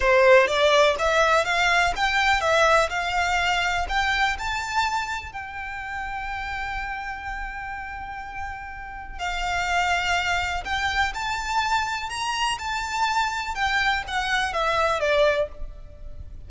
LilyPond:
\new Staff \with { instrumentName = "violin" } { \time 4/4 \tempo 4 = 124 c''4 d''4 e''4 f''4 | g''4 e''4 f''2 | g''4 a''2 g''4~ | g''1~ |
g''2. f''4~ | f''2 g''4 a''4~ | a''4 ais''4 a''2 | g''4 fis''4 e''4 d''4 | }